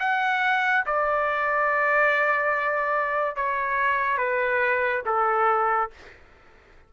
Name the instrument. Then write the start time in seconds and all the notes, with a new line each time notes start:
trumpet
0.00 F#5
0.86 D5
3.36 C#5
4.18 B4
5.06 A4